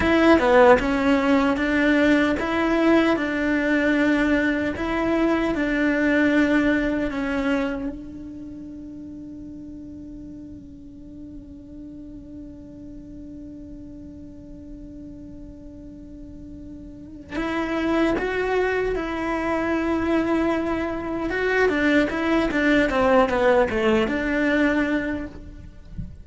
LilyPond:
\new Staff \with { instrumentName = "cello" } { \time 4/4 \tempo 4 = 76 e'8 b8 cis'4 d'4 e'4 | d'2 e'4 d'4~ | d'4 cis'4 d'2~ | d'1~ |
d'1~ | d'2 e'4 fis'4 | e'2. fis'8 d'8 | e'8 d'8 c'8 b8 a8 d'4. | }